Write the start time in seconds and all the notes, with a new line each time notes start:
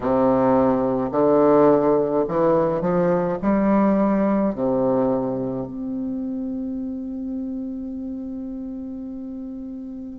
0.00 C3
1.11 D3
2.27 E3
2.81 F3
3.42 G3
4.54 C3
5.66 C4